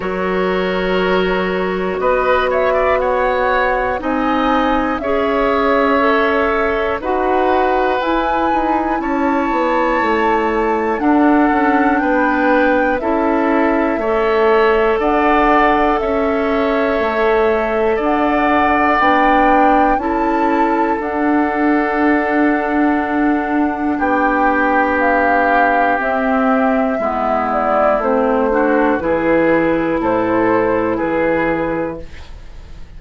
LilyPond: <<
  \new Staff \with { instrumentName = "flute" } { \time 4/4 \tempo 4 = 60 cis''2 dis''8 e''8 fis''4 | gis''4 e''2 fis''4 | gis''4 a''2 fis''4 | g''4 e''2 fis''4 |
e''2 fis''4 g''4 | a''4 fis''2. | g''4 f''4 e''4. d''8 | c''4 b'4 c''4 b'4 | }
  \new Staff \with { instrumentName = "oboe" } { \time 4/4 ais'2 b'8 cis''16 d''16 cis''4 | dis''4 cis''2 b'4~ | b'4 cis''2 a'4 | b'4 a'4 cis''4 d''4 |
cis''2 d''2 | a'1 | g'2. e'4~ | e'8 fis'8 gis'4 a'4 gis'4 | }
  \new Staff \with { instrumentName = "clarinet" } { \time 4/4 fis'1 | dis'4 gis'4 a'4 fis'4 | e'2. d'4~ | d'4 e'4 a'2~ |
a'2. d'4 | e'4 d'2.~ | d'2 c'4 b4 | c'8 d'8 e'2. | }
  \new Staff \with { instrumentName = "bassoon" } { \time 4/4 fis2 b2 | c'4 cis'2 dis'4 | e'8 dis'8 cis'8 b8 a4 d'8 cis'8 | b4 cis'4 a4 d'4 |
cis'4 a4 d'4 b4 | cis'4 d'2. | b2 c'4 gis4 | a4 e4 a,4 e4 | }
>>